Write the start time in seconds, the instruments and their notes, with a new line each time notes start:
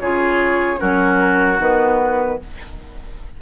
0.00 bassoon C#3, clarinet F4, oboe G#4, flute C#5
0.77 bassoon F#3, clarinet C#4, oboe F#4, flute A#4
1.59 bassoon D#3, clarinet B3, flute B4